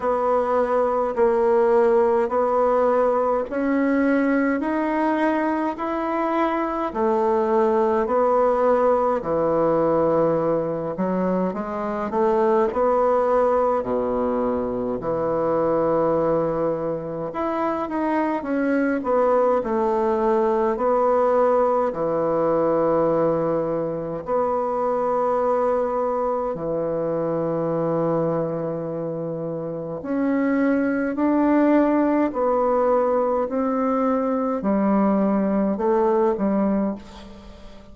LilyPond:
\new Staff \with { instrumentName = "bassoon" } { \time 4/4 \tempo 4 = 52 b4 ais4 b4 cis'4 | dis'4 e'4 a4 b4 | e4. fis8 gis8 a8 b4 | b,4 e2 e'8 dis'8 |
cis'8 b8 a4 b4 e4~ | e4 b2 e4~ | e2 cis'4 d'4 | b4 c'4 g4 a8 g8 | }